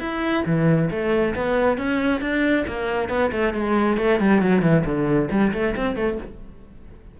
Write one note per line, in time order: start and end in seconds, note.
0.00 0.44 E4
0.46 0.90 E3
0.91 1.35 A3
1.35 1.78 B3
1.78 2.21 C#4
2.21 2.65 D4
2.67 3.09 A#3
3.09 3.31 B3
3.32 3.54 A3
3.54 3.98 G#3
3.98 4.20 A3
4.20 4.42 G3
4.42 4.62 F#3
4.62 4.84 E3
4.85 5.30 D3
5.31 5.53 G3
5.53 5.75 A3
5.76 5.96 C4
5.96 6.18 A3